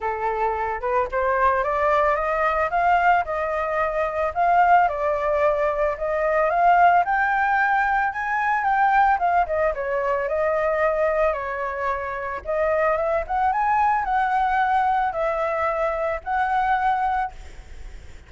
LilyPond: \new Staff \with { instrumentName = "flute" } { \time 4/4 \tempo 4 = 111 a'4. b'8 c''4 d''4 | dis''4 f''4 dis''2 | f''4 d''2 dis''4 | f''4 g''2 gis''4 |
g''4 f''8 dis''8 cis''4 dis''4~ | dis''4 cis''2 dis''4 | e''8 fis''8 gis''4 fis''2 | e''2 fis''2 | }